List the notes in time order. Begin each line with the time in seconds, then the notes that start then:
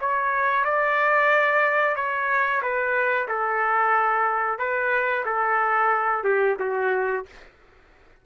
0.00 C#5
0.64 D5
1.96 C#5
2.62 B4
3.28 A4
4.59 B4
5.25 A4
6.24 G4
6.59 F#4